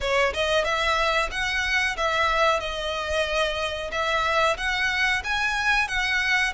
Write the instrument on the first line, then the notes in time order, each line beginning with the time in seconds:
violin
0.00 C#5
0.33 D#5
0.64 E5
1.31 F#5
1.97 E5
2.60 D#5
3.91 E5
4.57 F#5
5.24 G#5
5.88 F#5